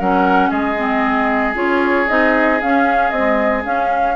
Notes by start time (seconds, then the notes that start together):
0.00 F#3 C#4 A#4 F#5
0.50 G#3 G#4 D#5
0.77 C4
1.55 C#4 F4 C#5
2.09 C4 D#4 D#5
2.62 C#4 F5
3.11 G#3 C4 D#5
3.65 C#4 F5